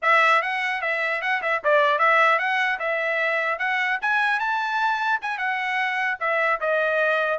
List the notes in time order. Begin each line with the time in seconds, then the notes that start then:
0.01 E5
0.42 F#5
0.81 E5
1.21 F#5
1.42 E5
1.63 D5
1.99 E5
2.39 F#5
2.79 E5
3.58 F#5
4.01 G#5
4.39 A5
5.21 G#5
5.37 F#5
6.20 E5
6.60 D#5